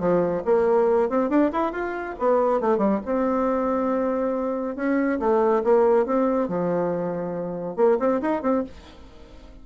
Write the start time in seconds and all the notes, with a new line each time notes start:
0.00 F3
0.45 A#3
1.09 C4
1.29 D4
1.52 E4
1.72 F4
2.19 B3
2.61 A3
2.78 G3
3.06 C4
4.76 C#4
5.20 A3
5.64 A#3
6.06 C4
6.48 F3
7.77 A#3
8.00 C4
8.22 D#4
8.42 C4